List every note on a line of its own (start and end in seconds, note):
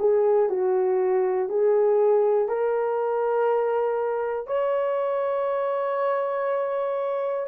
0.00 0.50 G#4
0.50 1.49 F#4
1.49 2.49 G#4
2.49 4.47 A#4
4.47 7.47 C#5